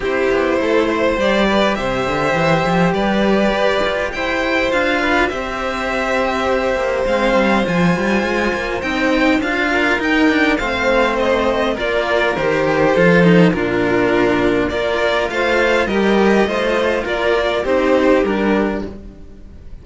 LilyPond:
<<
  \new Staff \with { instrumentName = "violin" } { \time 4/4 \tempo 4 = 102 c''2 d''4 e''4~ | e''4 d''2 g''4 | f''4 e''2. | f''4 gis''2 g''4 |
f''4 g''4 f''4 dis''4 | d''4 c''2 ais'4~ | ais'4 d''4 f''4 dis''4~ | dis''4 d''4 c''4 ais'4 | }
  \new Staff \with { instrumentName = "violin" } { \time 4/4 g'4 a'8 c''4 b'8 c''4~ | c''4 b'2 c''4~ | c''8 b'8 c''2.~ | c''1~ |
c''8 ais'4. c''2 | ais'2 a'4 f'4~ | f'4 ais'4 c''4 ais'4 | c''4 ais'4 g'2 | }
  \new Staff \with { instrumentName = "cello" } { \time 4/4 e'2 g'2~ | g'1 | f'4 g'2. | c'4 f'2 dis'4 |
f'4 dis'8 d'8 c'2 | f'4 g'4 f'8 dis'8 d'4~ | d'4 f'2 g'4 | f'2 dis'4 d'4 | }
  \new Staff \with { instrumentName = "cello" } { \time 4/4 c'8 b8 a4 g4 c8 d8 | e8 f8 g4 g'8 f'8 e'4 | d'4 c'2~ c'8 ais8 | gis8 g8 f8 g8 gis8 ais8 c'4 |
d'4 dis'4 a2 | ais4 dis4 f4 ais,4~ | ais,4 ais4 a4 g4 | a4 ais4 c'4 g4 | }
>>